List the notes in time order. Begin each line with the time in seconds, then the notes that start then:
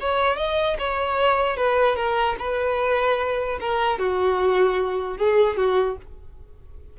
0.00 C#5
0.37 D#5
0.79 C#5
1.57 B4
1.96 A#4
2.39 B4
3.60 A#4
3.99 F#4
5.17 G#4
5.57 F#4